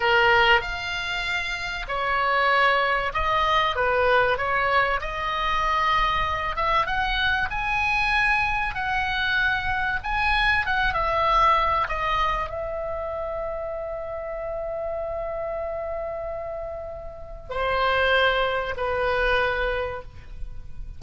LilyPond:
\new Staff \with { instrumentName = "oboe" } { \time 4/4 \tempo 4 = 96 ais'4 f''2 cis''4~ | cis''4 dis''4 b'4 cis''4 | dis''2~ dis''8 e''8 fis''4 | gis''2 fis''2 |
gis''4 fis''8 e''4. dis''4 | e''1~ | e''1 | c''2 b'2 | }